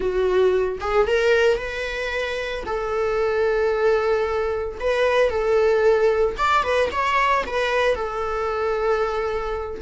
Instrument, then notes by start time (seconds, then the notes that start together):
viola
0.00 F#4
0.80 G#4
1.07 A#4
1.57 B4
2.65 A4
4.79 B4
5.30 A4
6.37 D5
6.63 B4
6.91 C#5
7.46 B4
7.95 A4